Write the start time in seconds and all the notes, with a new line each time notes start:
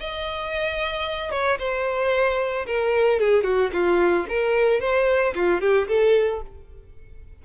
0.00 D#5
1.31 C#5
1.59 C5
2.67 A#4
3.20 G#4
3.44 F#4
3.73 F4
4.29 A#4
4.81 C5
5.35 F4
5.61 G4
5.88 A4